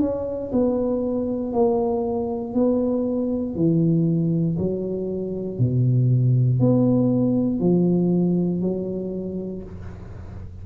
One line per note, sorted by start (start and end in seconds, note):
0.00 0.51 C#4
0.52 1.53 B3
1.53 2.54 A#3
2.54 3.55 B3
3.55 4.57 E3
4.58 5.58 F#3
5.58 6.60 B2
6.60 7.59 B3
7.59 8.61 F3
8.61 9.63 F#3